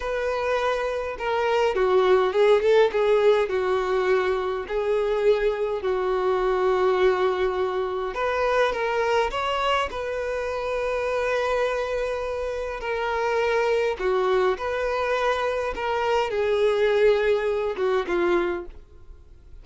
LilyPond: \new Staff \with { instrumentName = "violin" } { \time 4/4 \tempo 4 = 103 b'2 ais'4 fis'4 | gis'8 a'8 gis'4 fis'2 | gis'2 fis'2~ | fis'2 b'4 ais'4 |
cis''4 b'2.~ | b'2 ais'2 | fis'4 b'2 ais'4 | gis'2~ gis'8 fis'8 f'4 | }